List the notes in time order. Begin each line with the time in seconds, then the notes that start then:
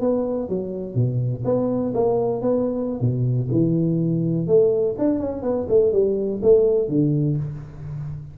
0.00 B3
0.49 F#3
0.95 B2
1.44 B3
1.93 A#3
2.41 B3
3.00 B2
3.51 E3
4.47 A3
4.98 D4
5.19 C#4
5.42 B3
5.68 A3
5.92 G3
6.42 A3
6.88 D3